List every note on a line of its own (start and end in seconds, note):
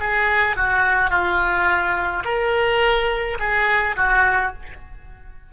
0.00 0.57 G#4
0.57 1.11 F#4
1.11 2.24 F4
2.25 3.38 A#4
3.40 3.96 G#4
3.96 4.53 F#4